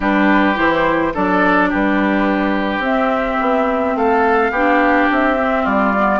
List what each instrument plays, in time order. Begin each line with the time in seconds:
0.00 bassoon G3, clarinet D4, oboe G4, flute B4
0.54 bassoon E3, clarinet E4, flute C5
1.14 bassoon F#3, clarinet D4, oboe A4, flute D5
1.69 bassoon G3, oboe G4, flute B4
2.79 bassoon C4, clarinet C4, flute E5
3.41 bassoon B3
3.95 bassoon A3, oboe A4, flute F5
4.50 bassoon B3, clarinet D4, oboe G4
5.10 bassoon C4, flute E5
5.38 clarinet C4
5.62 bassoon G3, oboe F4, flute D5
5.97 clarinet B3